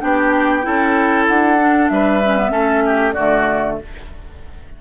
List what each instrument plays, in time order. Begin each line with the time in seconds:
0.00 bassoon B3, clarinet D4, oboe G4, flute G5
0.63 bassoon C#4, clarinet E4, oboe A4
1.27 bassoon D4, flute F#5
1.59 clarinet D4
1.89 bassoon G3, oboe B4, flute E5
2.25 clarinet C#4
2.38 clarinet B3
2.51 bassoon A3, clarinet C#4, oboe A4
2.86 oboe G4
3.13 bassoon D3, clarinet A3, oboe F#4, flute D5